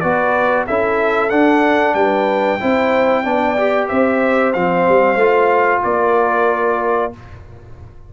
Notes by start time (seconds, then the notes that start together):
0.00 B3 F#4 B4 D5
0.66 C#4 E4 A4 E5
1.30 D4 F#5
1.94 G3 B4 G5
2.60 C4 E4 C5
3.23 B3 D4 D5
3.57 G4
3.88 C4 C5 E5
4.53 F3 C4 F5
4.89 G3
5.15 A3 F4
5.83 A#3 A#4 D5